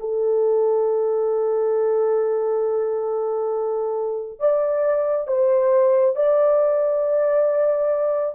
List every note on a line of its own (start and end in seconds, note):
0.00 4.40 A4
4.40 5.28 D5
5.28 6.16 C5
6.16 8.35 D5